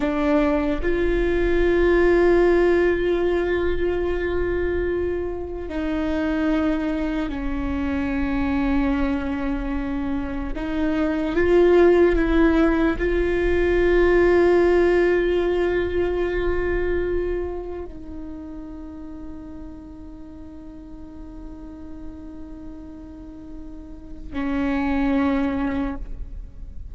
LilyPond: \new Staff \with { instrumentName = "viola" } { \time 4/4 \tempo 4 = 74 d'4 f'2.~ | f'2. dis'4~ | dis'4 cis'2.~ | cis'4 dis'4 f'4 e'4 |
f'1~ | f'2 dis'2~ | dis'1~ | dis'2 cis'2 | }